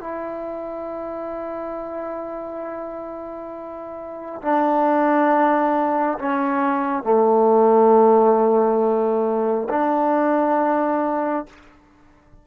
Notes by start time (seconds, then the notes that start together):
0.00 E4
4.42 D4
6.18 C#4
7.03 A3
9.69 D4